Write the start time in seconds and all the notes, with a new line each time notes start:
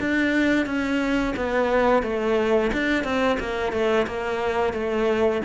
0.00 D4
0.66 C#4
1.36 B3
2.03 A3
2.73 D4
3.04 C4
3.39 A#3
3.72 A3
4.07 A#3
4.73 A3